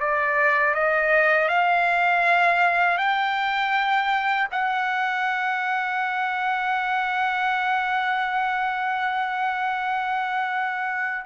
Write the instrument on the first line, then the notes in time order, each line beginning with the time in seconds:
trumpet
0.00 D5
0.74 D#5
1.48 F5
2.98 G5
4.51 F#5